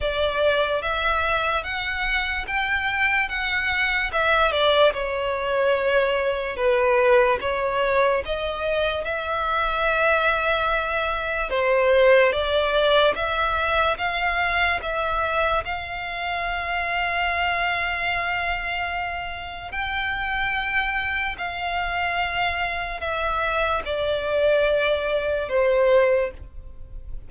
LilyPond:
\new Staff \with { instrumentName = "violin" } { \time 4/4 \tempo 4 = 73 d''4 e''4 fis''4 g''4 | fis''4 e''8 d''8 cis''2 | b'4 cis''4 dis''4 e''4~ | e''2 c''4 d''4 |
e''4 f''4 e''4 f''4~ | f''1 | g''2 f''2 | e''4 d''2 c''4 | }